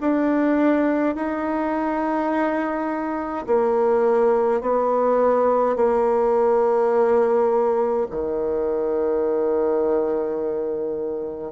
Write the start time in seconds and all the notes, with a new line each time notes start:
0.00 D4
1.15 D#4
3.46 A#3
4.61 B3
5.76 A#3
8.10 D#3